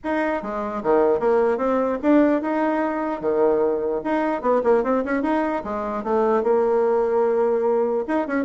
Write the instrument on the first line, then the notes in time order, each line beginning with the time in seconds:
bassoon
0.04 D#4
0.42 G#3
0.83 D#3
1.19 A#3
1.57 C4
2.02 D4
2.41 D#4
3.20 D#3
4.04 D#4
4.41 B3
4.63 A#3
4.83 C4
5.04 C#4
5.22 D#4
5.64 G#3
6.03 A3
6.43 A#3
8.07 D#4
8.27 C#4